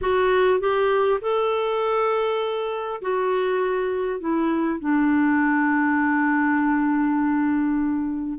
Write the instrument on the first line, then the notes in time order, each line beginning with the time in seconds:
clarinet
0.01 F#4
0.60 G4
1.21 A4
3.01 F#4
4.20 E4
4.79 D4